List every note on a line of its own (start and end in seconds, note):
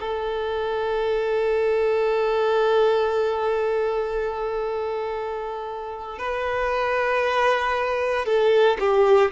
0.00 6.18 A4
6.18 8.25 B4
8.26 8.77 A4
8.79 9.31 G4